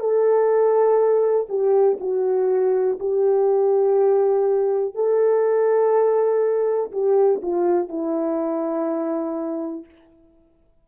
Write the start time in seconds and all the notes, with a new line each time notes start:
0.00 A4
1.49 G4
2.00 F#4
3.00 G4
4.95 A4
6.92 G4
7.42 F4
7.89 E4